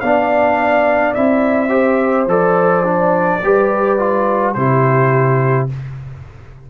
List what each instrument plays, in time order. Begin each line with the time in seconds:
0.00 tuba B3, trombone D4, horn D5, trumpet F5
1.14 tuba C4, trombone E4, trumpet E5
1.69 trombone G4, horn C5
2.26 tuba F3, trombone A4, trumpet D5
2.83 trombone D4
3.43 tuba G3, trombone G4, horn B4
3.99 trombone F4
4.53 tuba C3, trombone E4, horn G4, trumpet C5